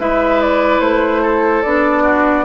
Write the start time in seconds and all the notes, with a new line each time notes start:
0.00 G#3 E4 B4 E5
0.42 D5
0.80 A3 C5
1.22 A4
1.62 B3 D4 D5
2.03 F#4